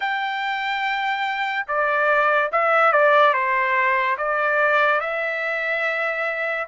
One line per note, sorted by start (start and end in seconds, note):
0.00 1.66 G5
1.67 2.51 D5
2.52 2.92 E5
2.92 3.33 D5
3.33 4.17 C5
4.17 5.00 D5
5.00 6.67 E5